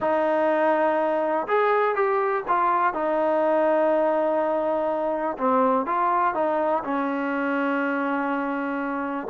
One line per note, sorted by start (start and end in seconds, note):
0.00 1.47 D#4
1.47 1.95 G#4
1.95 2.43 G4
2.47 2.93 F4
2.93 5.37 D#4
5.37 5.85 C4
5.85 6.34 F4
6.34 6.83 D#4
6.83 9.27 C#4